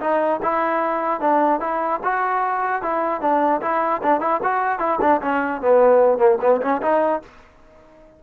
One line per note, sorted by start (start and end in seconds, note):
0.00 0.40 D#4
0.42 1.21 E4
1.21 1.60 D4
1.60 2.00 E4
2.03 2.82 F#4
2.82 3.21 E4
3.21 3.61 D4
3.61 4.01 E4
4.02 4.20 D4
4.20 4.40 E4
4.43 4.79 F#4
4.79 4.99 E4
5.01 5.21 D4
5.22 5.61 C#4
5.61 6.18 B3
6.18 6.38 A#3
6.41 6.61 B3
6.61 6.81 C#4
6.82 7.22 D#4